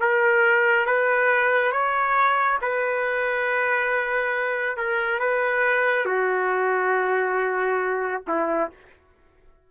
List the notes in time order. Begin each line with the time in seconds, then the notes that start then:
0.00 A#4
0.86 B4
1.71 C#5
2.61 B4
4.76 A#4
5.19 B4
6.05 F#4
8.27 E4